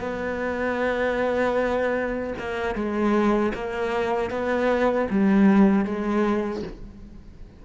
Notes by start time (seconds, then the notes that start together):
0.00 B3
2.38 A#3
2.75 G#3
3.54 A#3
4.30 B3
5.10 G3
5.85 G#3